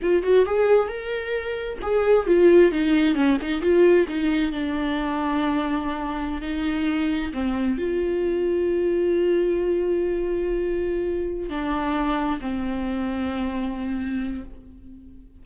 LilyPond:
\new Staff \with { instrumentName = "viola" } { \time 4/4 \tempo 4 = 133 f'8 fis'8 gis'4 ais'2 | gis'4 f'4 dis'4 cis'8 dis'8 | f'4 dis'4 d'2~ | d'2~ d'16 dis'4.~ dis'16~ |
dis'16 c'4 f'2~ f'8.~ | f'1~ | f'4. d'2 c'8~ | c'1 | }